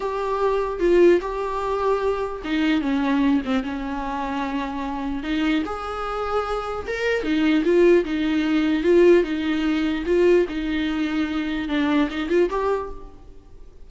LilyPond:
\new Staff \with { instrumentName = "viola" } { \time 4/4 \tempo 4 = 149 g'2 f'4 g'4~ | g'2 dis'4 cis'4~ | cis'8 c'8 cis'2.~ | cis'4 dis'4 gis'2~ |
gis'4 ais'4 dis'4 f'4 | dis'2 f'4 dis'4~ | dis'4 f'4 dis'2~ | dis'4 d'4 dis'8 f'8 g'4 | }